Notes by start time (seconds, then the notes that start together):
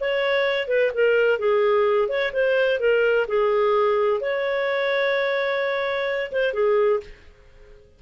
0.00 C#5
0.68 B4
0.94 A#4
1.39 G#4
2.08 C#5
2.33 C5
2.80 A#4
3.28 G#4
4.20 C#5
6.32 C5
6.53 G#4